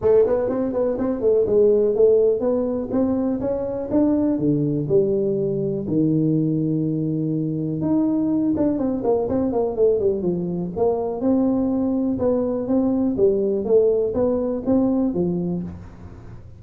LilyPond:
\new Staff \with { instrumentName = "tuba" } { \time 4/4 \tempo 4 = 123 a8 b8 c'8 b8 c'8 a8 gis4 | a4 b4 c'4 cis'4 | d'4 d4 g2 | dis1 |
dis'4. d'8 c'8 ais8 c'8 ais8 | a8 g8 f4 ais4 c'4~ | c'4 b4 c'4 g4 | a4 b4 c'4 f4 | }